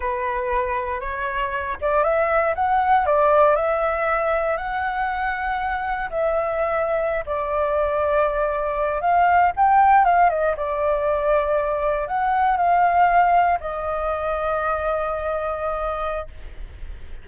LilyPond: \new Staff \with { instrumentName = "flute" } { \time 4/4 \tempo 4 = 118 b'2 cis''4. d''8 | e''4 fis''4 d''4 e''4~ | e''4 fis''2. | e''2~ e''16 d''4.~ d''16~ |
d''4.~ d''16 f''4 g''4 f''16~ | f''16 dis''8 d''2. fis''16~ | fis''8. f''2 dis''4~ dis''16~ | dis''1 | }